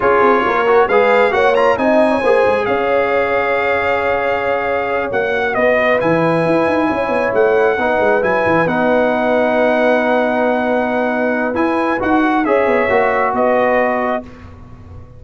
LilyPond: <<
  \new Staff \with { instrumentName = "trumpet" } { \time 4/4 \tempo 4 = 135 cis''2 f''4 fis''8 ais''8 | gis''2 f''2~ | f''2.~ f''8 fis''8~ | fis''8 dis''4 gis''2~ gis''8~ |
gis''8 fis''2 gis''4 fis''8~ | fis''1~ | fis''2 gis''4 fis''4 | e''2 dis''2 | }
  \new Staff \with { instrumentName = "horn" } { \time 4/4 gis'4 ais'4 b'4 cis''4 | dis''8. cis''16 c''4 cis''2~ | cis''1~ | cis''8 b'2. cis''8~ |
cis''4. b'2~ b'8~ | b'1~ | b'1 | cis''2 b'2 | }
  \new Staff \with { instrumentName = "trombone" } { \time 4/4 f'4. fis'8 gis'4 fis'8 f'8 | dis'4 gis'2.~ | gis'2.~ gis'8 fis'8~ | fis'4. e'2~ e'8~ |
e'4. dis'4 e'4 dis'8~ | dis'1~ | dis'2 e'4 fis'4 | gis'4 fis'2. | }
  \new Staff \with { instrumentName = "tuba" } { \time 4/4 cis'8 c'8 ais4 gis4 ais4 | c'4 ais8 gis8 cis'2~ | cis'2.~ cis'8 ais8~ | ais8 b4 e4 e'8 dis'8 cis'8 |
b8 a4 b8 gis8 fis8 e8 b8~ | b1~ | b2 e'4 dis'4 | cis'8 b8 ais4 b2 | }
>>